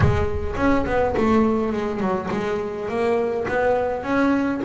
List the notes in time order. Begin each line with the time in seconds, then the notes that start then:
0.00 G#3
0.56 C#4
0.85 B3
1.17 A3
1.73 G#3
2.00 F#3
2.31 G#3
2.88 A#3
3.47 B3
4.03 C#4